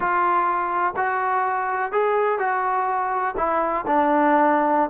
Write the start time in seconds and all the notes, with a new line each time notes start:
0.00 F4
0.96 F#4
1.92 G#4
2.38 F#4
3.37 E4
3.86 D4